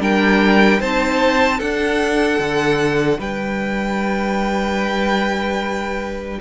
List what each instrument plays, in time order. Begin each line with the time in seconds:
0.00 cello G3, viola D4, violin A#4 G5
0.81 cello C4, viola D#4, violin C5 A5
1.58 cello D4, viola D4, violin A4 F#5
2.39 cello D3
3.18 cello G3, violin B4 G5